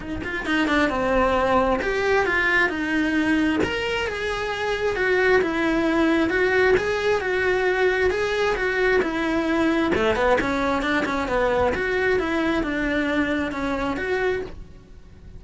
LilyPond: \new Staff \with { instrumentName = "cello" } { \time 4/4 \tempo 4 = 133 dis'8 f'8 dis'8 d'8 c'2 | g'4 f'4 dis'2 | ais'4 gis'2 fis'4 | e'2 fis'4 gis'4 |
fis'2 gis'4 fis'4 | e'2 a8 b8 cis'4 | d'8 cis'8 b4 fis'4 e'4 | d'2 cis'4 fis'4 | }